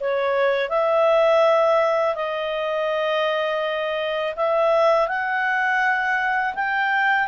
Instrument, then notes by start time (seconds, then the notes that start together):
clarinet
0.00 C#5
0.69 E5
2.16 D#5
4.36 E5
5.08 F#5
6.55 G5